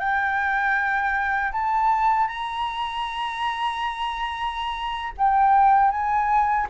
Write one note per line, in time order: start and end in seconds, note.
0.00 1.52 G5
1.52 2.28 A5
2.28 5.13 A#5
5.18 5.91 G5
5.91 6.67 G#5